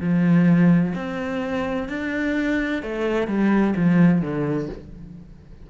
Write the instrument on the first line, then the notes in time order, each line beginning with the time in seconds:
cello
0.00 F3
0.95 C4
1.88 D4
2.82 A3
3.27 G3
3.76 F3
4.21 D3